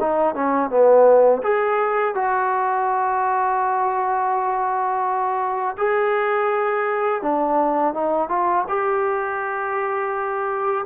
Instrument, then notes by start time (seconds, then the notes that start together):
trombone
0.00 D#4
0.35 C#4
0.70 B3
1.43 G#4
2.15 F#4
5.78 G#4
7.22 D4
7.94 D#4
8.29 F4
8.68 G4